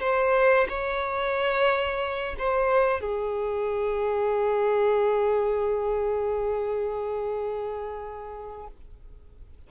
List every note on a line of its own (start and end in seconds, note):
0.00 0.67 C5
0.68 2.35 C#5
2.38 3.00 C5
3.00 8.67 G#4